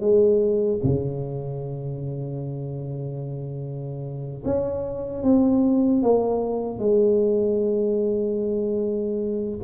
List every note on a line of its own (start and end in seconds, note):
0.00 0.80 G#3
0.83 4.43 C#3
4.45 5.23 C#4
5.23 6.03 C4
6.03 6.79 A#3
6.79 9.59 G#3